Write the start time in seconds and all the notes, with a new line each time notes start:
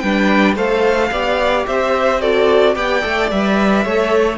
0.00 G3 D4 B4 G5
0.56 A3 A4 C5 F5
1.11 B3 G4 D5
1.67 C4 C5 E5
2.22 F#4 A4 D5
2.75 B3 G4 D5 G5
3.02 A3 A4
3.31 G3 B4 E5
3.85 A3 A4 C#5